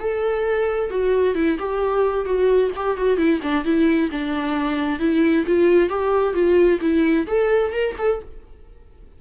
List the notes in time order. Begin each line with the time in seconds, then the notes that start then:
0.00 A4
0.90 F#4
1.35 E4
1.59 G4
2.26 F#4
2.76 G4
2.97 F#4
3.18 E4
3.43 D4
3.65 E4
4.12 D4
5.00 E4
5.47 F4
5.90 G4
6.34 F4
6.81 E4
7.27 A4
7.73 A#4
7.99 A4